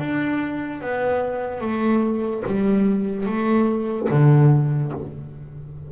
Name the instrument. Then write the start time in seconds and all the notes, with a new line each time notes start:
double bass
0.00 D4
0.81 B3
1.61 A3
2.47 G3
3.27 A3
4.10 D3